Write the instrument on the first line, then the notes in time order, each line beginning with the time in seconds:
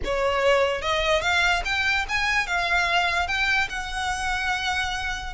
violin
0.04 C#5
0.81 D#5
1.21 F5
1.64 G5
2.08 G#5
2.46 F5
3.27 G5
3.69 F#5